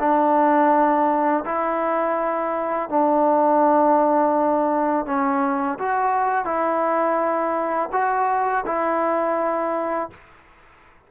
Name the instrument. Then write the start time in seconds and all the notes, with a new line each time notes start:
trombone
0.00 D4
1.46 E4
2.90 D4
5.06 C#4
5.79 F#4
6.45 E4
7.93 F#4
8.66 E4